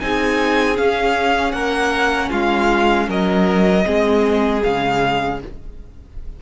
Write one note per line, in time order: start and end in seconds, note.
0.00 0.79 C4
0.00 0.75 D#4
0.00 1.55 G#4
0.00 0.77 G#5
0.75 3.83 C#4
0.75 1.53 C#4
0.75 1.52 F5
1.52 2.30 A#3
1.52 2.31 A#4
1.52 2.29 F#5
2.31 3.09 G#3
2.31 3.08 F4
2.31 3.09 F5
3.09 3.86 F#3
3.09 3.86 A#4
3.09 4.63 D#5
3.85 4.64 G#3
3.85 4.62 C4
3.85 5.41 G#4
4.63 5.42 C#3
4.63 5.41 G#3
4.63 5.40 F5